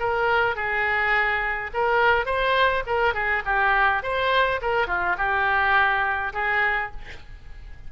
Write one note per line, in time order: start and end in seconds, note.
0.00 0.56 A#4
0.56 1.71 G#4
1.74 2.26 A#4
2.26 2.84 C5
2.87 3.14 A#4
3.14 3.43 G#4
3.46 4.03 G4
4.03 4.61 C5
4.62 4.88 A#4
4.88 5.17 F4
5.18 6.33 G4
6.34 6.92 G#4